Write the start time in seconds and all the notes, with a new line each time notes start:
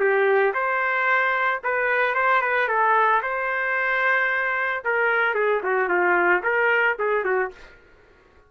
0.00 G4
0.54 C5
1.64 B4
2.15 C5
2.42 B4
2.69 A4
3.23 C5
4.85 A#4
5.35 G#4
5.64 F#4
5.89 F4
6.44 A#4
6.99 G#4
7.25 F#4